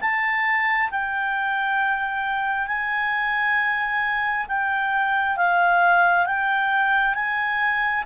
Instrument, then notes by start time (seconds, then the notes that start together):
clarinet
0.00 A5
0.90 G5
2.67 G#5
4.48 G5
5.36 F5
6.26 G5
7.14 G#5